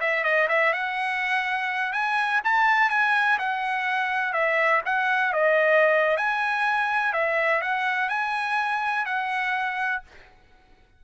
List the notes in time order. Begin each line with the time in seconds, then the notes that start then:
0.00 E5
0.24 D#5
0.49 E5
0.73 F#5
1.93 G#5
2.44 A5
2.90 G#5
3.39 F#5
4.33 E5
4.85 F#5
5.33 D#5
6.17 G#5
7.13 E5
7.61 F#5
8.09 G#5
9.06 F#5